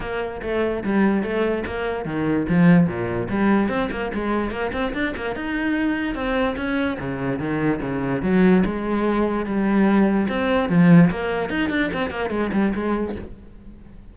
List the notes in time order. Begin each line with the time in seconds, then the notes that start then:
0.00 A#3
0.42 A3
0.83 G3
1.23 A3
1.66 A#3
2.05 D#3
2.48 F3
2.87 A#2
3.29 G3
3.69 C4
3.91 A#3
4.14 G#3
4.51 A#3
4.72 C4
4.93 D4
5.16 A#3
5.35 D#4
6.14 C4
6.56 C#4
6.99 C#3
7.39 D#3
7.81 C#3
8.22 F#3
8.65 G#3
9.45 G3
10.29 C4
10.69 F3
11.10 A#3
11.49 D#4
11.69 D4
11.93 C4
12.10 A#3
12.30 G#3
12.52 G3
12.74 G#3